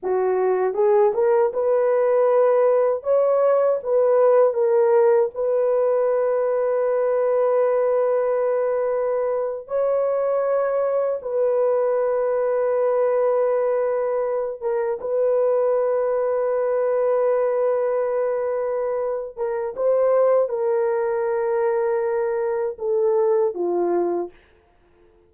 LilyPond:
\new Staff \with { instrumentName = "horn" } { \time 4/4 \tempo 4 = 79 fis'4 gis'8 ais'8 b'2 | cis''4 b'4 ais'4 b'4~ | b'1~ | b'8. cis''2 b'4~ b'16~ |
b'2.~ b'16 ais'8 b'16~ | b'1~ | b'4. ais'8 c''4 ais'4~ | ais'2 a'4 f'4 | }